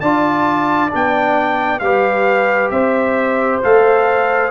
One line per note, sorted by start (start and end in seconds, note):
0.00 0.91 D4
0.00 0.89 F4
0.00 1.80 D5
0.00 0.90 A5
0.89 1.80 B3
0.89 1.78 D4
0.89 1.79 G5
1.79 2.70 G3
1.79 3.62 G4
1.79 2.72 B4
1.79 2.69 F5
2.70 3.60 C4
2.70 4.50 C5
2.70 3.60 E5
3.63 4.50 A3
3.63 4.50 A4
3.63 4.50 F5